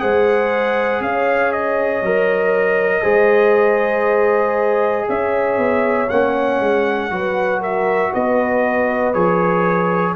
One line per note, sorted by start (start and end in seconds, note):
0.00 1.01 G#3
0.00 2.03 G#4
0.00 1.03 C5
0.00 1.02 F#5
1.01 2.03 C#4
1.01 3.02 C#5
1.01 1.53 F5
1.53 5.09 D#5
2.03 3.04 F#3
2.03 3.03 A#4
3.02 5.08 G#3
3.02 6.08 G#4
3.02 5.06 C5
5.09 5.58 C#4
5.09 7.12 C#5
5.09 6.10 E5
5.58 6.09 B3
6.10 6.61 A#3
6.10 7.11 C#4
6.10 7.62 F#5
6.61 7.11 G#3
7.11 8.12 F#3
7.11 9.14 F#4
7.11 7.61 B4
7.61 8.11 A#4
7.61 8.14 E5
8.13 9.15 B3
8.13 10.16 B4
8.13 9.14 D#5
9.14 10.16 F3
9.14 10.16 G#4
9.14 10.15 C#5